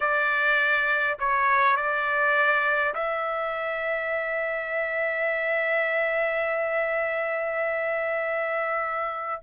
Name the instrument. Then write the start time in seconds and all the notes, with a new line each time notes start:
trumpet
0.00 D5
1.19 C#5
1.76 D5
2.94 E5